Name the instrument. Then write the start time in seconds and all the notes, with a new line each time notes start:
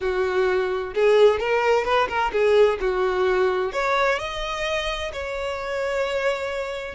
violin
0.00 F#4
0.94 G#4
1.39 A#4
1.84 B4
2.08 A#4
2.32 G#4
2.80 F#4
3.72 C#5
4.19 D#5
5.12 C#5